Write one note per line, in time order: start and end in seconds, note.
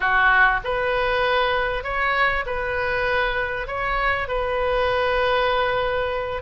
0.00 0.60 F#4
0.64 1.83 B4
1.83 2.44 C#5
2.46 3.67 B4
3.67 4.28 C#5
4.28 6.41 B4